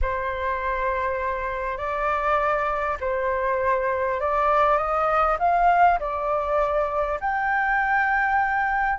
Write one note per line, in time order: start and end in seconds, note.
0.01 1.77 C5
1.77 2.97 D5
3.00 4.20 C5
4.20 4.77 D5
4.77 5.37 D#5
5.39 5.99 F5
5.99 7.19 D5
7.20 8.98 G5